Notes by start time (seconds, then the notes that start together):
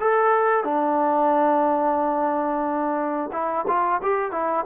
0.00 A4
0.64 D4
3.32 E4
3.68 F4
4.02 G4
4.32 E4